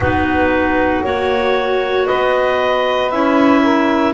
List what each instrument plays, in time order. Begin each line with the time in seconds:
0.00 double bass B3, clarinet D#4 B4, saxophone F#4
1.04 double bass A#3, clarinet F#4 C#5
2.06 double bass B3, saxophone B4, clarinet D#5
3.10 double bass C#4, clarinet E4 E5
3.62 saxophone A#4